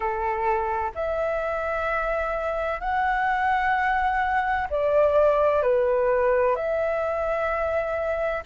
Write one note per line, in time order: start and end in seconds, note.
0.00 0.91 A4
0.94 2.80 E5
2.80 4.67 F#5
4.70 5.62 D5
5.62 6.55 B4
6.55 8.43 E5